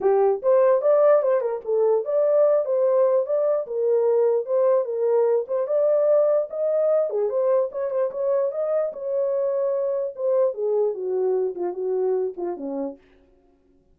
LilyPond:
\new Staff \with { instrumentName = "horn" } { \time 4/4 \tempo 4 = 148 g'4 c''4 d''4 c''8 ais'8 | a'4 d''4. c''4. | d''4 ais'2 c''4 | ais'4. c''8 d''2 |
dis''4. gis'8 c''4 cis''8 c''8 | cis''4 dis''4 cis''2~ | cis''4 c''4 gis'4 fis'4~ | fis'8 f'8 fis'4. f'8 cis'4 | }